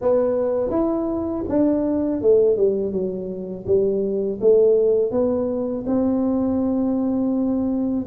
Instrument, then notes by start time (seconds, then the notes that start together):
tuba
0.01 B3
0.70 E4
1.48 D4
2.22 A3
2.56 G3
2.92 F#3
3.66 G3
4.40 A3
5.11 B3
5.86 C4